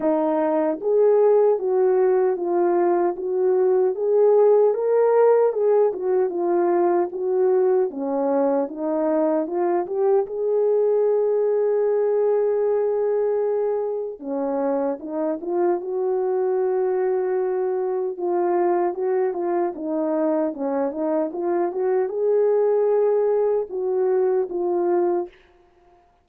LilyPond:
\new Staff \with { instrumentName = "horn" } { \time 4/4 \tempo 4 = 76 dis'4 gis'4 fis'4 f'4 | fis'4 gis'4 ais'4 gis'8 fis'8 | f'4 fis'4 cis'4 dis'4 | f'8 g'8 gis'2.~ |
gis'2 cis'4 dis'8 f'8 | fis'2. f'4 | fis'8 f'8 dis'4 cis'8 dis'8 f'8 fis'8 | gis'2 fis'4 f'4 | }